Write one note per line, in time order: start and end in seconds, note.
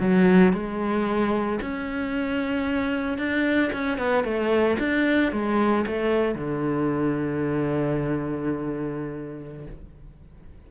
0.00 0.53 F#3
0.53 1.59 G#3
1.61 3.18 C#4
3.18 3.71 D4
3.72 3.98 C#4
3.98 4.24 B3
4.24 4.77 A3
4.79 5.32 D4
5.32 5.85 G#3
5.86 6.35 A3
6.35 9.66 D3